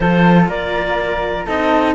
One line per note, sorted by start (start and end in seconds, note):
0.00 0.48 F3
0.00 1.46 F4
0.00 0.49 A4
0.00 0.44 C5
0.48 1.46 A#3
0.48 1.46 A#4
0.48 1.46 D5
1.46 1.94 C4
1.46 1.94 D#4
1.46 1.94 A4
1.46 1.94 D#5